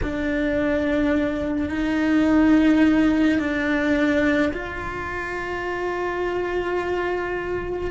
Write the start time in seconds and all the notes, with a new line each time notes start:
0.02 D4
1.69 D#4
3.39 D4
4.53 F4